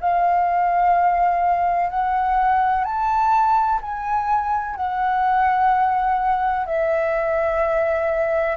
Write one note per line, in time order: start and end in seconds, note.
0.00 1.90 F5
1.90 2.84 F#5
2.84 3.79 A5
3.81 4.76 G#5
4.76 6.66 F#5
6.66 8.56 E5